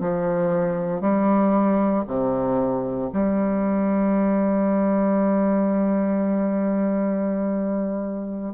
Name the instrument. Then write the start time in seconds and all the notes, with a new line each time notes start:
bassoon
0.00 F3
1.01 G3
2.07 C3
3.12 G3